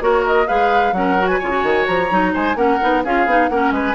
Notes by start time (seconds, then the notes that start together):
0.00 A#3 F#4 A#4 C#5
0.26 D#5
0.47 G#3 G#4 B4 F5
0.92 F#3 C#4 A#4 F#5
1.19 F#4
1.27 B4 G#5
1.39 C#3 F4 C#5
1.50 F#4
1.63 D#3
1.86 F3 A#5
2.10 F#3 D#4
2.33 G#3 C5 G#5
2.55 A#3 C#4 A#4 F#5
2.81 B3 D#4
3.04 C#4 F4 G#4 F5
3.26 B3 D#4
3.48 A#3 C#4 A#4 F#5
3.71 G#3 B4 G#5